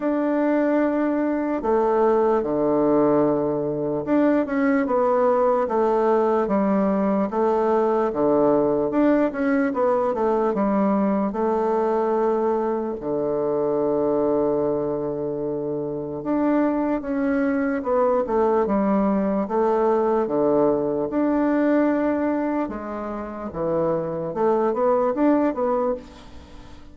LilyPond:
\new Staff \with { instrumentName = "bassoon" } { \time 4/4 \tempo 4 = 74 d'2 a4 d4~ | d4 d'8 cis'8 b4 a4 | g4 a4 d4 d'8 cis'8 | b8 a8 g4 a2 |
d1 | d'4 cis'4 b8 a8 g4 | a4 d4 d'2 | gis4 e4 a8 b8 d'8 b8 | }